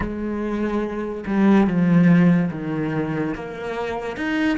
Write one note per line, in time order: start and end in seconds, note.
0.00 1.24 G#3
1.26 1.67 G3
1.67 2.50 F3
2.51 3.34 D#3
3.34 4.17 A#3
4.17 4.57 D#4